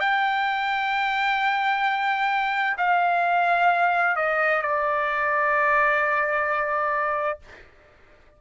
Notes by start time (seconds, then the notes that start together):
0.00 G5
2.78 F5
4.16 D#5
4.62 D5